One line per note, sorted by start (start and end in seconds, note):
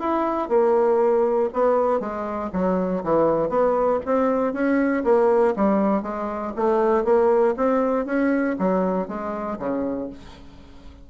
0.00 0.49 E4
0.49 1.50 A#3
1.54 2.00 B3
2.00 2.51 G#3
2.53 3.04 F#3
3.04 3.50 E3
3.50 4.00 B3
4.06 4.54 C4
4.54 5.04 C#4
5.04 5.55 A#3
5.56 6.03 G3
6.03 6.53 G#3
6.56 7.05 A3
7.05 7.55 A#3
7.57 8.06 C4
8.06 8.56 C#4
8.59 9.08 F#3
9.08 9.59 G#3
9.59 10.10 C#3